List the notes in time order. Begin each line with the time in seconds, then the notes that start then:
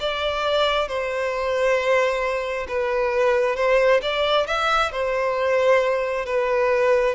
0.00 D5
0.88 C5
2.68 B4
3.56 C5
4.02 D5
4.47 E5
4.92 C5
6.26 B4